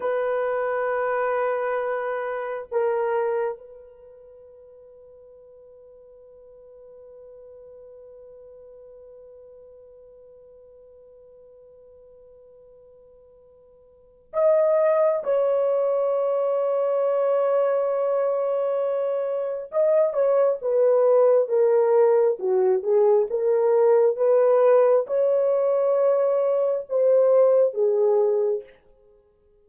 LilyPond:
\new Staff \with { instrumentName = "horn" } { \time 4/4 \tempo 4 = 67 b'2. ais'4 | b'1~ | b'1~ | b'1 |
dis''4 cis''2.~ | cis''2 dis''8 cis''8 b'4 | ais'4 fis'8 gis'8 ais'4 b'4 | cis''2 c''4 gis'4 | }